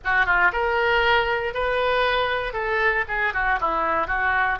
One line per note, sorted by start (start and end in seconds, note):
0.04 0.26 F#4
0.26 0.51 F4
0.52 1.54 A#4
1.54 2.53 B4
2.53 3.04 A4
3.08 3.33 G#4
3.33 3.59 F#4
3.60 4.07 E4
4.07 4.58 F#4